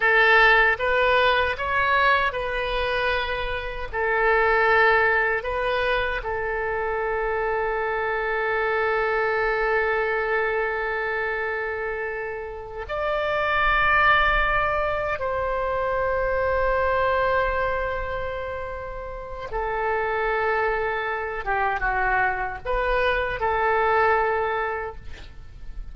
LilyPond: \new Staff \with { instrumentName = "oboe" } { \time 4/4 \tempo 4 = 77 a'4 b'4 cis''4 b'4~ | b'4 a'2 b'4 | a'1~ | a'1~ |
a'8 d''2. c''8~ | c''1~ | c''4 a'2~ a'8 g'8 | fis'4 b'4 a'2 | }